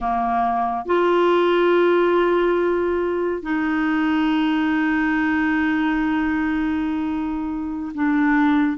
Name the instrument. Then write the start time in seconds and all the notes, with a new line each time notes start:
clarinet
0.00 A#3
0.85 F4
3.42 D#4
7.94 D4